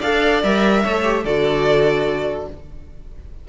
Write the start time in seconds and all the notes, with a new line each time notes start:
0.00 D4 A4 D5 F5
0.43 G3 A#4 E5
0.83 A3 A4 C#5
1.03 G4
1.25 D3 F#4 A4 D5